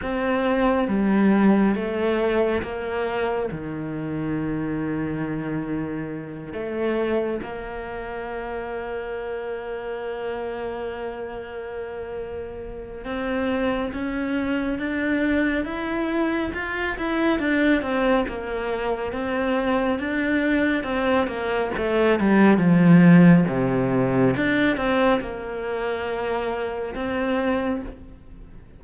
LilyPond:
\new Staff \with { instrumentName = "cello" } { \time 4/4 \tempo 4 = 69 c'4 g4 a4 ais4 | dis2.~ dis8 a8~ | a8 ais2.~ ais8~ | ais2. c'4 |
cis'4 d'4 e'4 f'8 e'8 | d'8 c'8 ais4 c'4 d'4 | c'8 ais8 a8 g8 f4 c4 | d'8 c'8 ais2 c'4 | }